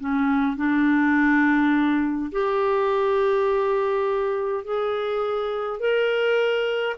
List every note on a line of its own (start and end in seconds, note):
0.00 0.57 C#4
0.57 2.32 D4
2.32 4.64 G4
4.64 5.80 G#4
5.80 6.96 A#4